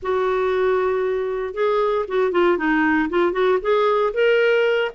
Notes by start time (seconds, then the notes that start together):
0.02 F#4
1.54 G#4
2.08 F#4
2.31 F4
2.57 D#4
3.09 F4
3.32 F#4
3.61 G#4
4.13 A#4